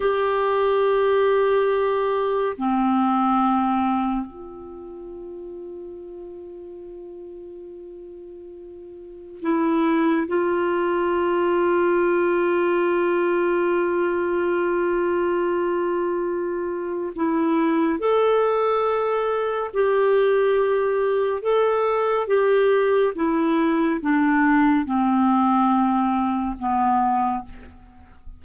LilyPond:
\new Staff \with { instrumentName = "clarinet" } { \time 4/4 \tempo 4 = 70 g'2. c'4~ | c'4 f'2.~ | f'2. e'4 | f'1~ |
f'1 | e'4 a'2 g'4~ | g'4 a'4 g'4 e'4 | d'4 c'2 b4 | }